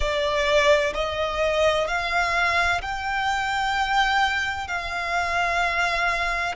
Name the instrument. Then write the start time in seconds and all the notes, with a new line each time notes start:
violin
0.00 D5
0.94 D#5
1.87 F5
2.81 G5
4.67 F5